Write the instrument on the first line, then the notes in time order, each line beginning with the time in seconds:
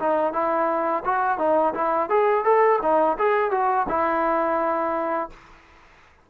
trombone
0.00 D#4
0.33 E4
1.06 F#4
1.39 D#4
1.75 E4
2.10 G#4
2.45 A4
2.83 D#4
3.19 G#4
3.52 F#4
3.89 E4